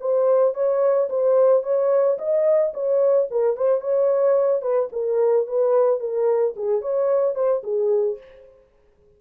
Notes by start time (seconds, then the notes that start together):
0.00 C5
0.54 C#5
1.09 C5
1.63 C#5
2.18 D#5
2.73 C#5
3.30 A#4
3.56 C5
3.81 C#5
4.61 B4
4.92 A#4
5.46 B4
6.00 A#4
6.56 G#4
6.81 C#5
7.34 C5
7.63 G#4